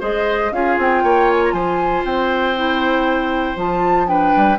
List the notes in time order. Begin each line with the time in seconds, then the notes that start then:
0.00 G#3 G#4 C5 D#5
0.51 C#4 F4 G#4 F5
0.78 C4 G5
1.03 A#3 C#5
1.31 G#5
1.45 A#5
1.52 F3 C5 G#5
2.04 C4 G5
2.56 E4
3.56 F3 F4 A5
4.06 D4 B4 G5
4.36 G3